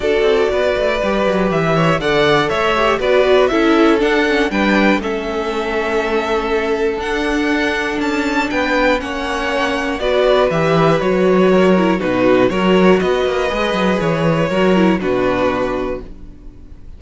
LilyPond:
<<
  \new Staff \with { instrumentName = "violin" } { \time 4/4 \tempo 4 = 120 d''2. e''4 | fis''4 e''4 d''4 e''4 | fis''4 g''4 e''2~ | e''2 fis''2 |
a''4 g''4 fis''2 | d''4 e''4 cis''2 | b'4 cis''4 dis''2 | cis''2 b'2 | }
  \new Staff \with { instrumentName = "violin" } { \time 4/4 a'4 b'2~ b'8 cis''8 | d''4 cis''4 b'4 a'4~ | a'4 b'4 a'2~ | a'1~ |
a'4 b'4 cis''2 | b'2. ais'4 | fis'4 ais'4 b'2~ | b'4 ais'4 fis'2 | }
  \new Staff \with { instrumentName = "viola" } { \time 4/4 fis'2 g'2 | a'4. g'8 fis'4 e'4 | d'8 cis'8 d'4 cis'2~ | cis'2 d'2~ |
d'2 cis'2 | fis'4 g'4 fis'4. e'8 | dis'4 fis'2 gis'4~ | gis'4 fis'8 e'8 d'2 | }
  \new Staff \with { instrumentName = "cello" } { \time 4/4 d'8 c'8 b8 a8 g8 fis8 e4 | d4 a4 b4 cis'4 | d'4 g4 a2~ | a2 d'2 |
cis'4 b4 ais2 | b4 e4 fis2 | b,4 fis4 b8 ais8 gis8 fis8 | e4 fis4 b,2 | }
>>